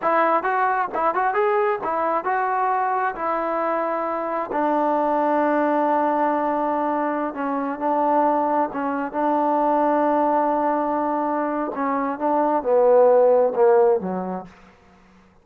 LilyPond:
\new Staff \with { instrumentName = "trombone" } { \time 4/4 \tempo 4 = 133 e'4 fis'4 e'8 fis'8 gis'4 | e'4 fis'2 e'4~ | e'2 d'2~ | d'1~ |
d'16 cis'4 d'2 cis'8.~ | cis'16 d'2.~ d'8.~ | d'2 cis'4 d'4 | b2 ais4 fis4 | }